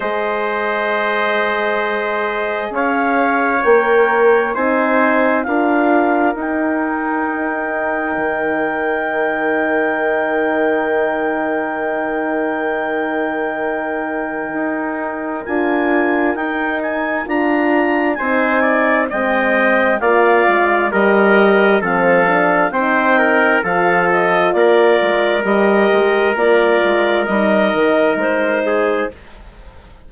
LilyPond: <<
  \new Staff \with { instrumentName = "clarinet" } { \time 4/4 \tempo 4 = 66 dis''2. f''4 | g''4 gis''4 f''4 g''4~ | g''1~ | g''1~ |
g''4 gis''4 g''8 gis''8 ais''4 | gis''4 g''4 f''4 dis''4 | f''4 g''4 f''8 dis''8 d''4 | dis''4 d''4 dis''4 c''4 | }
  \new Staff \with { instrumentName = "trumpet" } { \time 4/4 c''2. cis''4~ | cis''4 c''4 ais'2~ | ais'1~ | ais'1~ |
ais'1 | c''8 d''8 dis''4 d''4 ais'4 | a'4 c''8 ais'8 a'4 ais'4~ | ais'2.~ ais'8 gis'8 | }
  \new Staff \with { instrumentName = "horn" } { \time 4/4 gis'1 | ais'4 dis'4 f'4 dis'4~ | dis'1~ | dis'1~ |
dis'4 f'4 dis'4 f'4 | dis'4 c'4 f'4 g'4 | c'8 d'8 dis'4 f'2 | g'4 f'4 dis'2 | }
  \new Staff \with { instrumentName = "bassoon" } { \time 4/4 gis2. cis'4 | ais4 c'4 d'4 dis'4~ | dis'4 dis2.~ | dis1 |
dis'4 d'4 dis'4 d'4 | c'4 gis4 ais8 gis8 g4 | f4 c'4 f4 ais8 gis8 | g8 gis8 ais8 gis8 g8 dis8 gis4 | }
>>